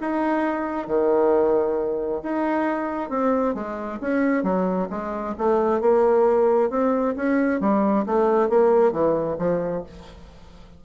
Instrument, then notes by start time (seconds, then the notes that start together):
bassoon
0.00 D#4
0.87 D#3
2.22 D#4
3.09 C4
3.54 G#3
4.00 C#4
4.43 F#3
4.89 G#3
5.38 A3
5.80 A#3
6.70 C4
7.15 C#4
7.60 G3
8.06 A3
8.49 A#3
8.91 E3
9.38 F3